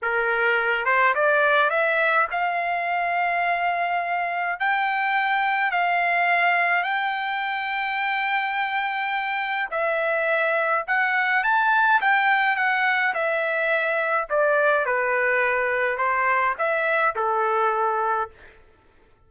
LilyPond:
\new Staff \with { instrumentName = "trumpet" } { \time 4/4 \tempo 4 = 105 ais'4. c''8 d''4 e''4 | f''1 | g''2 f''2 | g''1~ |
g''4 e''2 fis''4 | a''4 g''4 fis''4 e''4~ | e''4 d''4 b'2 | c''4 e''4 a'2 | }